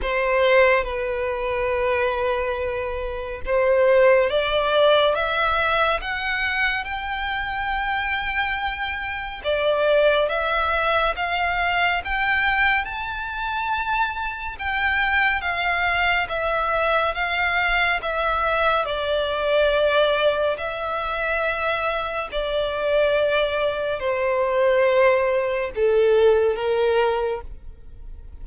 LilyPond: \new Staff \with { instrumentName = "violin" } { \time 4/4 \tempo 4 = 70 c''4 b'2. | c''4 d''4 e''4 fis''4 | g''2. d''4 | e''4 f''4 g''4 a''4~ |
a''4 g''4 f''4 e''4 | f''4 e''4 d''2 | e''2 d''2 | c''2 a'4 ais'4 | }